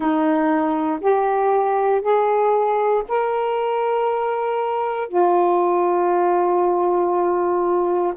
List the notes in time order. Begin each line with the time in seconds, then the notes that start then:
0.00 D#4
1.00 G4
2.01 G#4
3.08 A#4
5.08 F4